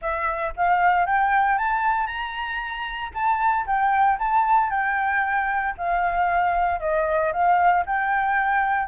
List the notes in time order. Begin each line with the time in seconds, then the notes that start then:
0.01 E5
0.56 F5
1.06 G5
1.57 A5
2.06 A#5
3.14 A5
3.66 G5
4.19 A5
4.70 G5
5.77 F5
6.80 D#5
7.32 F5
7.85 G5